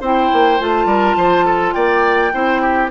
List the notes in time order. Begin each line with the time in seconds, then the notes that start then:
0.00 C4 E4 C5 G5
0.33 A#3
0.59 A3 F4 A5
0.85 G3 A#4
1.16 F3 C5
1.45 A4
1.72 A#3 D5 G5
2.32 C4 E4 C5
2.62 G4